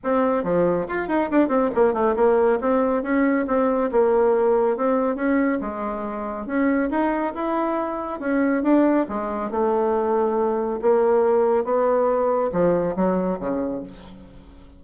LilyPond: \new Staff \with { instrumentName = "bassoon" } { \time 4/4 \tempo 4 = 139 c'4 f4 f'8 dis'8 d'8 c'8 | ais8 a8 ais4 c'4 cis'4 | c'4 ais2 c'4 | cis'4 gis2 cis'4 |
dis'4 e'2 cis'4 | d'4 gis4 a2~ | a4 ais2 b4~ | b4 f4 fis4 cis4 | }